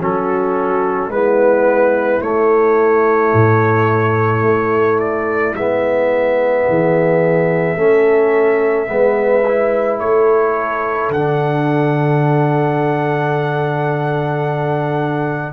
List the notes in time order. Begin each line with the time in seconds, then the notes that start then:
0.00 F#3 C#4 F#4 A4
1.09 G#3 B3 E4 B4
2.22 A3 C#5
3.34 A2
4.43 A3
5.00 D5
5.54 G#3 B3 E5
6.69 E3 G#4
7.77 A3 C#4 A4
8.87 G#3 B3 B4
9.48 E4
10.00 A3 A4 C#5
11.10 D3 D4 F#5